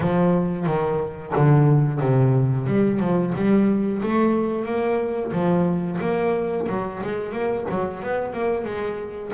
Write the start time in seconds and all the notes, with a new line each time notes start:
0.00 F3
0.66 D#3
1.35 D3
2.00 C3
2.66 G3
2.99 F3
3.35 G3
4.02 A3
4.65 A#3
5.32 F3
6.00 A#3
6.68 F#3
7.03 G#3
7.32 A#3
7.70 F#3
8.02 B3
8.33 A#3
8.65 G#3